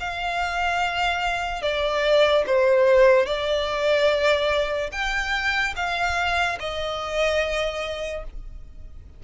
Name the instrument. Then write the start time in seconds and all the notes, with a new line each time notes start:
violin
0.00 F5
1.63 D5
2.47 C5
3.26 D5
4.92 G5
5.76 F5
6.60 D#5